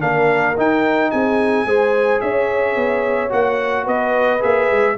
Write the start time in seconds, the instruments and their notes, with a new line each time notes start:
0.00 tuba A#3, trombone D4, horn A#4, trumpet F5
0.57 tuba D#4, trombone D#4, trumpet G5
1.11 tuba C4, horn G#4, trumpet G#5
1.65 tuba G#3, trombone G#4, horn C5
2.21 tuba C#4, horn C#5, trumpet E5
2.76 tuba B3
3.29 tuba A#3, trombone F#4, trumpet F#5
3.85 tuba B3, horn B4, trumpet D#5
4.40 tuba A#3, trombone G#4, trumpet E5
4.71 tuba G#3